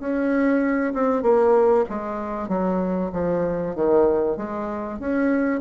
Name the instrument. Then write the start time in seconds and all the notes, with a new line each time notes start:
bassoon
0.00 C#4
0.94 C4
1.23 A#3
1.89 G#3
2.49 F#3
3.13 F3
3.76 D#3
4.37 G#3
5.00 C#4